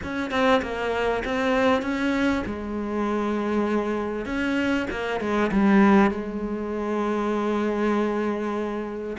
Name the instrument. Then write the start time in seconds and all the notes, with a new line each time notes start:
cello
0.03 C#4
0.30 C4
0.62 A#3
1.24 C4
1.82 C#4
2.46 G#3
4.25 C#4
4.90 A#3
5.20 G#3
5.51 G3
6.10 G#3